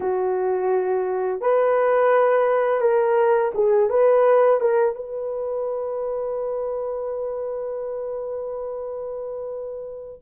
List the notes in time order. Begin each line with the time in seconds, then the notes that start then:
0.00 F#4
1.40 B4
2.80 A#4
3.54 G#4
3.89 B4
4.60 A#4
4.95 B4